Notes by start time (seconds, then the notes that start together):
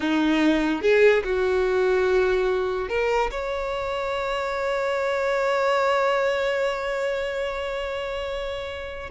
0.00 D#4
0.81 G#4
1.24 F#4
2.89 A#4
3.30 C#5